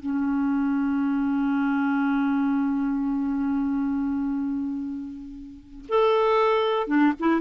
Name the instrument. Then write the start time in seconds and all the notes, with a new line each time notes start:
clarinet
0.00 C#4
5.88 A4
6.87 D4
7.19 E4